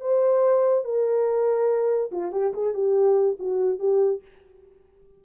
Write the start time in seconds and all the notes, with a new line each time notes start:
0.00 C5
0.84 A#4
2.11 F4
2.32 G4
2.53 G#4
2.73 G4
3.39 F#4
3.79 G4